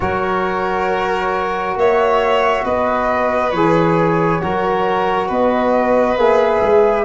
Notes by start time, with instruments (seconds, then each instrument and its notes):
0.00 tuba F#3, trombone F#4, violin A#4, flute C#5
1.75 tuba A#3, violin C#5, flute E5
2.64 tuba B3, violin B4, flute D#5
3.51 tuba E3, trombone G#4, flute C#5
4.40 tuba F#3, trombone F#4, violin A#4
5.28 tuba B3, violin B4, flute D#5
6.16 tuba A#3, trombone G#4, flute E5
6.61 tuba G#3